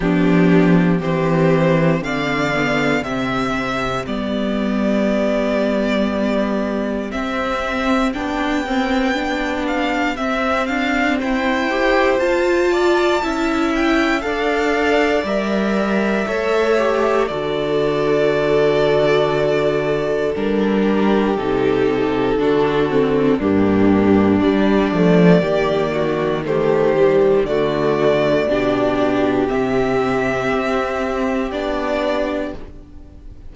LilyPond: <<
  \new Staff \with { instrumentName = "violin" } { \time 4/4 \tempo 4 = 59 g'4 c''4 f''4 e''4 | d''2. e''4 | g''4. f''8 e''8 f''8 g''4 | a''4. g''8 f''4 e''4~ |
e''4 d''2. | ais'4 a'2 g'4 | d''2 c''4 d''4~ | d''4 e''2 d''4 | }
  \new Staff \with { instrumentName = "violin" } { \time 4/4 d'4 g'4 d''4 g'4~ | g'1~ | g'2. c''4~ | c''8 d''8 e''4 d''2 |
cis''4 a'2.~ | a'8 g'4. fis'4 d'4~ | d'4 g'8 fis'8 g'4 fis'4 | g'1 | }
  \new Staff \with { instrumentName = "viola" } { \time 4/4 b4 c'4. b8 c'4 | b2. c'4 | d'8 c'8 d'4 c'4. g'8 | f'4 e'4 a'4 ais'4 |
a'8 g'8 fis'2. | d'4 dis'4 d'8 c'8 ais4 | g8 a8 ais4 a8 g8 a4 | d'4 c'2 d'4 | }
  \new Staff \with { instrumentName = "cello" } { \time 4/4 f4 e4 d4 c4 | g2. c'4 | b2 c'8 d'8 e'4 | f'4 cis'4 d'4 g4 |
a4 d2. | g4 c4 d4 g,4 | g8 f8 dis2 d4 | b,4 c4 c'4 b4 | }
>>